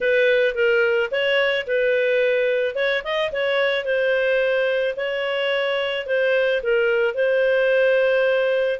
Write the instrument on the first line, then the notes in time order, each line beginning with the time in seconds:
clarinet
0.01 B4
0.55 A#4
1.11 C#5
1.66 B4
2.75 C#5
3.04 D#5
3.32 C#5
3.85 C5
4.96 C#5
6.06 C5
6.63 A#4
7.14 C5